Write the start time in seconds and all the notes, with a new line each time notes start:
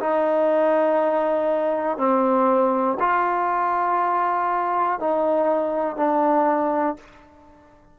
0.00 D#4
1.98 C4
3.00 F4
5.00 D#4
5.96 D4